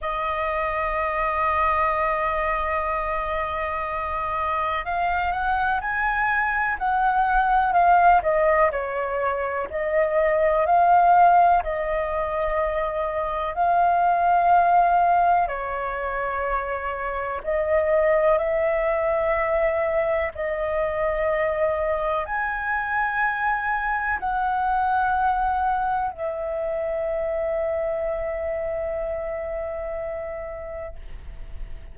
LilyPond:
\new Staff \with { instrumentName = "flute" } { \time 4/4 \tempo 4 = 62 dis''1~ | dis''4 f''8 fis''8 gis''4 fis''4 | f''8 dis''8 cis''4 dis''4 f''4 | dis''2 f''2 |
cis''2 dis''4 e''4~ | e''4 dis''2 gis''4~ | gis''4 fis''2 e''4~ | e''1 | }